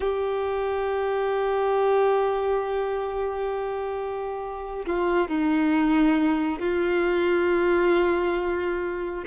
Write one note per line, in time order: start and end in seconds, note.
0.00 4.85 G4
4.85 5.27 F4
5.27 6.59 D#4
6.59 9.24 F4